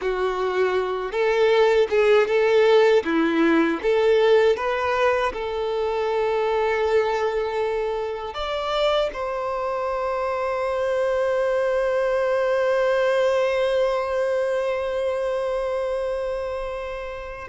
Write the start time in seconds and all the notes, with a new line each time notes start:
0.01 F#4
1.11 A4
1.90 G#4
2.27 A4
3.04 E4
3.82 A4
4.56 B4
5.33 A4
8.33 D5
9.13 C5